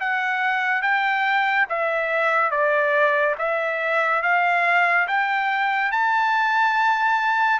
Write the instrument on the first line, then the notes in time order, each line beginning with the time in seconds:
trumpet
0.00 F#5
0.82 G5
1.69 E5
2.50 D5
3.38 E5
4.22 F5
5.07 G5
5.91 A5